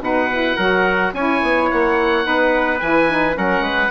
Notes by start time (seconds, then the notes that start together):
0.00 B2 D#4 B4 F#5
0.31 E4
0.56 F#3 F#4 A#4
1.13 C#4 E4 C#5 G#5
1.42 B3
1.70 A#3 F#5
2.23 B3 D#4 B4
2.79 E3 E4 G#5
3.09 D#4
3.33 F#3 C#4 A#4 F#5
3.60 G#3 B4